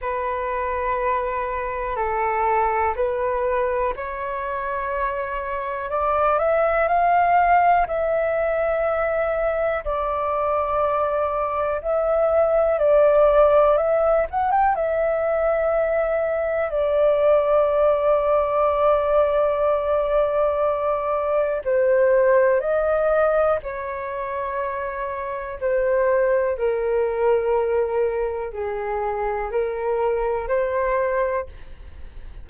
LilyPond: \new Staff \with { instrumentName = "flute" } { \time 4/4 \tempo 4 = 61 b'2 a'4 b'4 | cis''2 d''8 e''8 f''4 | e''2 d''2 | e''4 d''4 e''8 fis''16 g''16 e''4~ |
e''4 d''2.~ | d''2 c''4 dis''4 | cis''2 c''4 ais'4~ | ais'4 gis'4 ais'4 c''4 | }